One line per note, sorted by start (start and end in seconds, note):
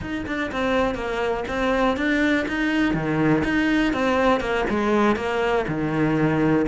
0.01 0.25 D#4
0.26 0.51 D4
0.51 0.94 C4
0.94 1.44 A#3
1.48 1.96 C4
1.96 2.45 D4
2.47 2.94 D#4
2.94 3.43 D#3
3.43 3.93 D#4
3.93 4.40 C4
4.40 4.65 A#3
4.69 5.16 G#3
5.16 5.65 A#3
5.68 6.66 D#3